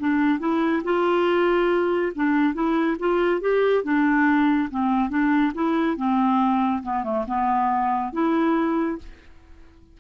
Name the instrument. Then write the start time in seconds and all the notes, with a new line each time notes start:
clarinet
0.00 D4
0.40 E4
0.84 F4
2.15 D4
2.54 E4
3.00 F4
3.41 G4
3.84 D4
4.71 C4
5.10 D4
5.55 E4
5.97 C4
6.83 B3
7.04 A3
7.28 B3
8.13 E4